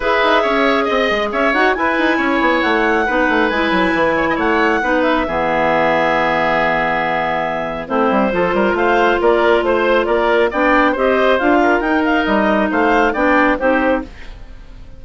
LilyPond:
<<
  \new Staff \with { instrumentName = "clarinet" } { \time 4/4 \tempo 4 = 137 e''2 dis''4 e''8 fis''8 | gis''2 fis''2 | gis''2 fis''4. e''8~ | e''1~ |
e''2 c''2 | f''4 d''4 c''4 d''4 | g''4 dis''4 f''4 g''8 f''8 | dis''4 f''4 g''4 c''4 | }
  \new Staff \with { instrumentName = "oboe" } { \time 4/4 b'4 cis''4 dis''4 cis''4 | b'4 cis''2 b'4~ | b'4. cis''16 dis''16 cis''4 b'4 | gis'1~ |
gis'2 e'4 a'8 ais'8 | c''4 ais'4 c''4 ais'4 | d''4 c''4. ais'4.~ | ais'4 c''4 d''4 g'4 | }
  \new Staff \with { instrumentName = "clarinet" } { \time 4/4 gis'2.~ gis'8 fis'8 | e'2. dis'4 | e'2. dis'4 | b1~ |
b2 c'4 f'4~ | f'1 | d'4 g'4 f'4 dis'4~ | dis'2 d'4 dis'4 | }
  \new Staff \with { instrumentName = "bassoon" } { \time 4/4 e'8 dis'8 cis'4 c'8 gis8 cis'8 dis'8 | e'8 dis'8 cis'8 b8 a4 b8 a8 | gis8 fis8 e4 a4 b4 | e1~ |
e2 a8 g8 f8 g8 | a4 ais4 a4 ais4 | b4 c'4 d'4 dis'4 | g4 a4 b4 c'4 | }
>>